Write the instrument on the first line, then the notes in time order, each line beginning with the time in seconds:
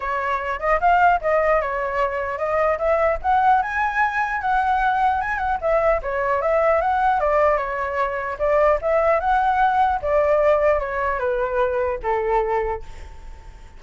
flute
0.00 C#5
0.59 D#5
0.80 F5
1.21 D#5
1.61 C#5
2.37 D#5
2.78 E5
3.21 F#5
3.62 G#5
4.41 F#5
5.21 G#5
5.38 F#5
5.61 E5
6.02 C#5
6.41 E5
6.81 F#5
7.19 D5
7.57 C#5
8.38 D5
8.81 E5
9.20 F#5
10.02 D5
10.79 C#5
11.19 B4
12.03 A4